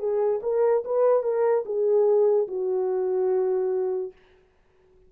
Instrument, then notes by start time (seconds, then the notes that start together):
horn
0.00 G#4
0.43 A#4
0.85 B4
1.24 A#4
1.66 G#4
2.48 F#4